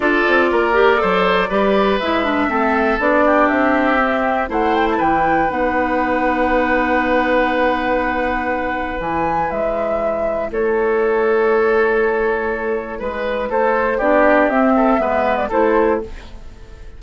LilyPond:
<<
  \new Staff \with { instrumentName = "flute" } { \time 4/4 \tempo 4 = 120 d''1 | e''2 d''4 e''4~ | e''4 fis''8 g''16 a''16 g''4 fis''4~ | fis''1~ |
fis''2 gis''4 e''4~ | e''4 cis''2.~ | cis''2 b'4 c''4 | d''4 e''4.~ e''16 d''16 c''4 | }
  \new Staff \with { instrumentName = "oboe" } { \time 4/4 a'4 ais'4 c''4 b'4~ | b'4 a'4. g'4.~ | g'4 c''4 b'2~ | b'1~ |
b'1~ | b'4 a'2.~ | a'2 b'4 a'4 | g'4. a'8 b'4 a'4 | }
  \new Staff \with { instrumentName = "clarinet" } { \time 4/4 f'4. g'8 a'4 g'4 | e'8 d'8 c'4 d'2 | c'4 e'2 dis'4~ | dis'1~ |
dis'2 e'2~ | e'1~ | e'1 | d'4 c'4 b4 e'4 | }
  \new Staff \with { instrumentName = "bassoon" } { \time 4/4 d'8 c'8 ais4 fis4 g4 | gis4 a4 b4 c'4~ | c'4 a4 e4 b4~ | b1~ |
b2 e4 gis4~ | gis4 a2.~ | a2 gis4 a4 | b4 c'4 gis4 a4 | }
>>